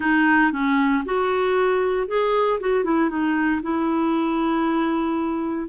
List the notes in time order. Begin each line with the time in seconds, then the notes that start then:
0.00 D#4
0.52 C#4
1.05 F#4
2.07 G#4
2.60 F#4
2.84 E4
3.09 D#4
3.62 E4